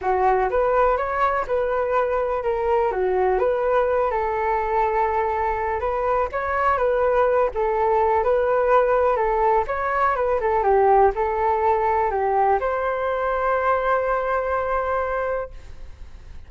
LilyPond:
\new Staff \with { instrumentName = "flute" } { \time 4/4 \tempo 4 = 124 fis'4 b'4 cis''4 b'4~ | b'4 ais'4 fis'4 b'4~ | b'8 a'2.~ a'8 | b'4 cis''4 b'4. a'8~ |
a'4 b'2 a'4 | cis''4 b'8 a'8 g'4 a'4~ | a'4 g'4 c''2~ | c''1 | }